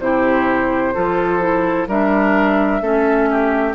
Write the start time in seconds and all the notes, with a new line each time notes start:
0.00 C3 E4 G4 C5
0.94 F3 F4 A4
1.40 E4
1.87 G3 D4 A#4 E5
2.81 A3 C#4 A4
3.30 G4